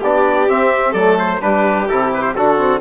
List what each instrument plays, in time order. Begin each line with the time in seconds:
0.00 bassoon B3, trombone D4, violin G4, trumpet D5
0.48 trombone C4, bassoon C4, trumpet E5
0.91 bassoon F#3, violin A4, trumpet D5
0.97 trombone A3
1.19 trumpet C5
1.40 bassoon G3, trombone D4, violin G4, trumpet B4
1.89 bassoon C3, trombone E4, trumpet A4
2.13 trumpet B4
2.22 trumpet C5
2.35 bassoon D3, trombone D4, violin F#4, trumpet A4
2.57 trombone C4